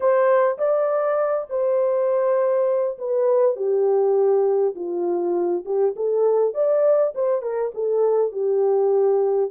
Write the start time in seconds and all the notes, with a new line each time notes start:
0.00 C5
0.58 D5
1.49 C5
2.98 B4
3.55 G4
4.75 F4
5.65 G4
5.95 A4
6.53 D5
7.14 C5
7.42 A#4
7.74 A4
8.32 G4